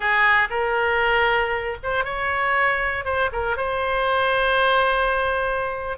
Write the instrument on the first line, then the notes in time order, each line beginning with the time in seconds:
oboe
0.00 G#4
0.49 A#4
1.83 C5
2.04 C#5
3.04 C5
3.32 A#4
3.56 C5